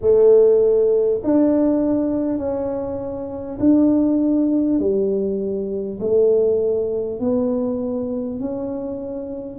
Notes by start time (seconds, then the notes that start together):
0.01 A3
1.23 D4
2.38 C#4
3.59 D4
4.79 G3
5.99 A3
7.19 B3
8.39 C#4